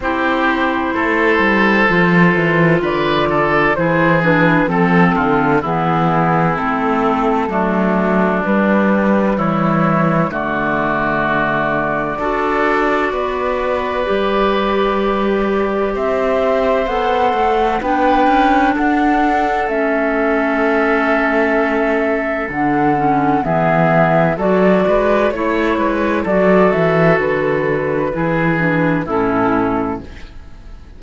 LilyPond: <<
  \new Staff \with { instrumentName = "flute" } { \time 4/4 \tempo 4 = 64 c''2. d''4 | c''8 b'8 a'4 gis'4 a'4~ | a'4 b'4 cis''4 d''4~ | d''1~ |
d''4 e''4 fis''4 g''4 | fis''4 e''2. | fis''4 e''4 d''4 cis''4 | d''8 e''8 b'2 a'4 | }
  \new Staff \with { instrumentName = "oboe" } { \time 4/4 g'4 a'2 b'8 a'8 | gis'4 a'8 f'8 e'2 | d'2 e'4 fis'4~ | fis'4 a'4 b'2~ |
b'4 c''2 b'4 | a'1~ | a'4 gis'4 a'8 b'8 cis''8 b'8 | a'2 gis'4 e'4 | }
  \new Staff \with { instrumentName = "clarinet" } { \time 4/4 e'2 f'2 | e'8 d'8 c'4 b4 c'4 | a4 g2 a4~ | a4 fis'2 g'4~ |
g'2 a'4 d'4~ | d'4 cis'2. | d'8 cis'8 b4 fis'4 e'4 | fis'2 e'8 d'8 cis'4 | }
  \new Staff \with { instrumentName = "cello" } { \time 4/4 c'4 a8 g8 f8 e8 d4 | e4 f8 d8 e4 a4 | fis4 g4 e4 d4~ | d4 d'4 b4 g4~ |
g4 c'4 b8 a8 b8 cis'8 | d'4 a2. | d4 e4 fis8 gis8 a8 gis8 | fis8 e8 d4 e4 a,4 | }
>>